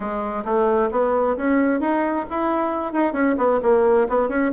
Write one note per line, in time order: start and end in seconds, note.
0.00 0.44 G#3
0.44 0.90 A3
0.91 1.36 B3
1.37 1.80 C#4
1.80 2.25 D#4
2.30 2.92 E4
2.92 3.13 D#4
3.13 3.35 C#4
3.37 3.60 B3
3.62 4.07 A#3
4.08 4.29 B3
4.29 4.51 C#4